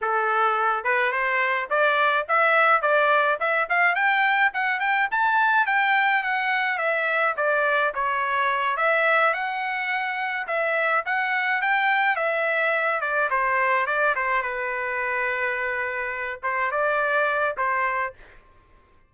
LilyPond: \new Staff \with { instrumentName = "trumpet" } { \time 4/4 \tempo 4 = 106 a'4. b'8 c''4 d''4 | e''4 d''4 e''8 f''8 g''4 | fis''8 g''8 a''4 g''4 fis''4 | e''4 d''4 cis''4. e''8~ |
e''8 fis''2 e''4 fis''8~ | fis''8 g''4 e''4. d''8 c''8~ | c''8 d''8 c''8 b'2~ b'8~ | b'4 c''8 d''4. c''4 | }